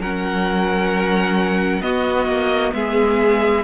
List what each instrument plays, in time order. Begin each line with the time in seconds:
0.00 cello F#3, viola C#4, violin A#4 F#5
1.82 viola B3, cello B3, violin F#4 D#5
2.27 cello A#3
2.74 cello G#3, violin G#4 E5